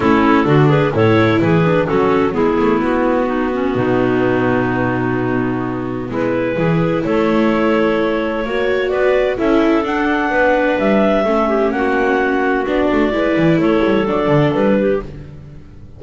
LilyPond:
<<
  \new Staff \with { instrumentName = "clarinet" } { \time 4/4 \tempo 4 = 128 a'4. b'8 cis''4 b'4 | a'4 gis'4 fis'2~ | fis'1~ | fis'4 b'2 cis''4~ |
cis''2. d''4 | e''4 fis''2 e''4~ | e''4 fis''2 d''4~ | d''4 cis''4 d''4 b'4 | }
  \new Staff \with { instrumentName = "clarinet" } { \time 4/4 e'4 fis'8 gis'8 a'4 gis'4 | fis'4 e'2 dis'8 cis'8 | dis'1~ | dis'4 e'4 gis'4 a'4~ |
a'2 cis''4 b'4 | a'2 b'2 | a'8 g'8 fis'2. | b'4 a'2~ a'8 g'8 | }
  \new Staff \with { instrumentName = "viola" } { \time 4/4 cis'4 d'4 e'4. d'8 | cis'4 b2.~ | b1~ | b2 e'2~ |
e'2 fis'2 | e'4 d'2. | cis'2. d'4 | e'2 d'2 | }
  \new Staff \with { instrumentName = "double bass" } { \time 4/4 a4 d4 a,4 e4 | fis4 gis8 a8 b2 | b,1~ | b,4 gis4 e4 a4~ |
a2 ais4 b4 | cis'4 d'4 b4 g4 | a4 ais2 b8 a8 | gis8 e8 a8 g8 fis8 d8 g4 | }
>>